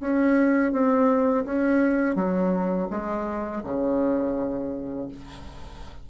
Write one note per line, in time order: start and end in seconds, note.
0.00 0.72 C#4
0.72 1.45 C4
1.45 2.16 C#4
2.16 2.88 F#3
2.90 3.62 G#3
3.64 5.08 C#3